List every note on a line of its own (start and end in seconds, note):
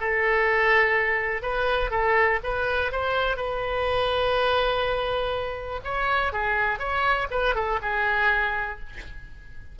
0.00 1.42 A4
1.42 1.90 B4
1.90 2.39 A4
2.43 2.92 B4
2.92 3.37 C5
3.37 5.80 B4
5.84 6.32 C#5
6.32 6.79 G#4
6.79 7.27 C#5
7.31 7.55 B4
7.55 7.79 A4
7.82 8.79 G#4